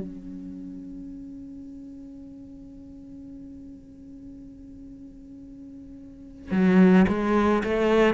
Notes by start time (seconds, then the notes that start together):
0.00 C#4
6.51 F#3
7.08 G#3
7.64 A3